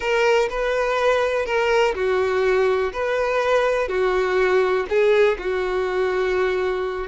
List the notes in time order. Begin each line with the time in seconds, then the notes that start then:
0.00 A#4
0.49 B4
1.45 A#4
1.94 F#4
2.92 B4
3.88 F#4
4.89 G#4
5.38 F#4